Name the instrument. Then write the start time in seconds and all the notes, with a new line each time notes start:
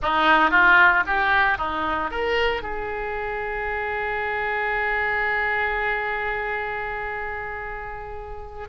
oboe
0.02 D#4
0.50 F4
1.06 G4
1.58 D#4
2.11 A#4
2.62 G#4